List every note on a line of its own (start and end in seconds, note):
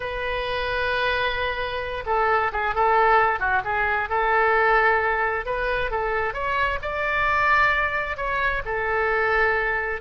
0.00 2.04 B4
2.06 2.51 A4
2.52 2.75 G#4
2.75 3.39 A4
3.39 3.62 F#4
3.64 4.09 G#4
4.09 5.45 A4
5.45 5.90 B4
5.90 6.33 A4
6.33 6.79 C#5
6.82 8.17 D5
8.17 8.62 C#5
8.65 10.01 A4